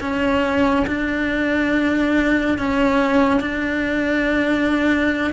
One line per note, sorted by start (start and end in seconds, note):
0.00 0.86 C#4
0.86 2.58 D4
2.58 3.40 C#4
3.40 5.33 D4